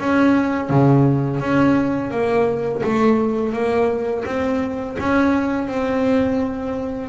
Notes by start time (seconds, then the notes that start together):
0.00 C#4
0.70 C#3
1.40 C#4
2.11 A#3
2.83 A3
3.53 A#3
4.26 C4
5.00 C#4
5.68 C4